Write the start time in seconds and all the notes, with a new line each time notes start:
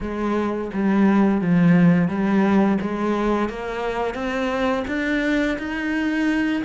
0.00 G#3
0.73 G3
1.41 F3
2.08 G3
2.81 G#3
3.49 A#3
4.14 C4
4.87 D4
5.58 D#4